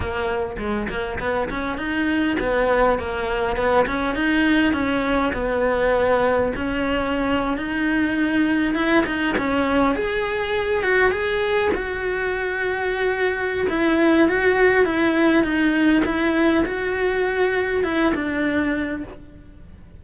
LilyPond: \new Staff \with { instrumentName = "cello" } { \time 4/4 \tempo 4 = 101 ais4 gis8 ais8 b8 cis'8 dis'4 | b4 ais4 b8 cis'8 dis'4 | cis'4 b2 cis'4~ | cis'8. dis'2 e'8 dis'8 cis'16~ |
cis'8. gis'4. fis'8 gis'4 fis'16~ | fis'2. e'4 | fis'4 e'4 dis'4 e'4 | fis'2 e'8 d'4. | }